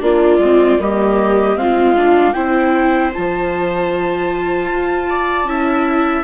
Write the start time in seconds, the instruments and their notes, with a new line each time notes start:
0.00 bassoon A#3, viola D4 F4, flute D5
0.38 bassoon G#3, viola C4
0.78 bassoon G3, viola A#3 G4, flute D#5
1.55 bassoon G#3, viola C4 F4, flute F5
1.96 viola D4
2.32 bassoon C4, viola E4 C5, flute G5
3.13 bassoon F3, viola F4, flute A5
4.70 bassoon F4
5.09 viola D5
5.44 bassoon C#4, viola E4 E5